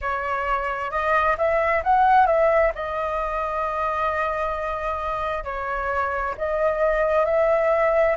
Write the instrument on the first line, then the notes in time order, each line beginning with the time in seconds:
flute
0.01 C#5
0.90 D#5
1.37 E5
1.83 F#5
2.26 E5
2.74 D#5
5.43 C#5
6.37 D#5
7.25 E5